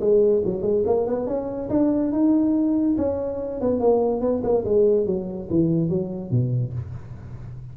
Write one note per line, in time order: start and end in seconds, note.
0.00 0.42 G#3
0.45 0.62 F#3
0.62 0.83 G#3
0.86 1.07 A#3
1.07 1.27 B3
1.27 1.69 C#4
1.69 2.11 D4
2.11 2.96 D#4
2.98 3.60 C#4
3.60 3.80 B3
3.80 4.21 A#3
4.21 4.42 B3
4.43 4.64 A#3
4.65 5.06 G#3
5.06 5.48 F#3
5.50 5.89 E3
5.89 6.31 F#3
6.31 6.73 B2